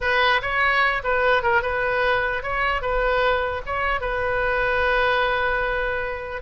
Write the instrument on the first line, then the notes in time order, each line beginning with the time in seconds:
oboe
0.01 B4
0.42 C#5
1.03 B4
1.42 A#4
1.62 B4
2.42 C#5
2.81 B4
3.66 C#5
4.00 B4